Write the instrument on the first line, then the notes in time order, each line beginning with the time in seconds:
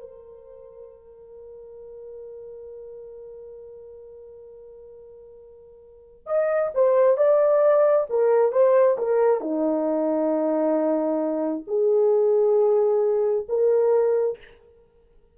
horn
0.00 A#4
6.26 D#5
6.74 C5
7.17 D5
8.10 A#4
8.52 C5
8.98 A#4
9.41 D#4
11.67 G#4
13.48 A#4